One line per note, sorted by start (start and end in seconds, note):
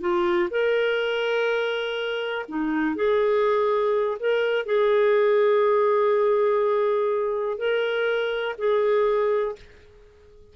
0.00 0.49 F4
0.50 2.45 A#4
2.48 2.95 D#4
2.95 4.17 G#4
4.19 4.65 A#4
4.65 7.58 G#4
7.58 8.55 A#4
8.57 9.55 G#4